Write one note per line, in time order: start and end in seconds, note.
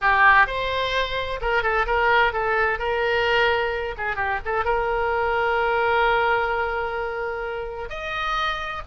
0.01 0.47 G4
0.47 1.40 C5
1.41 1.62 A#4
1.62 1.85 A4
1.86 2.32 A#4
2.32 2.78 A4
2.78 3.95 A#4
3.97 4.16 G#4
4.16 4.39 G4
4.45 4.64 A4
4.64 7.89 A#4
7.89 8.82 D#5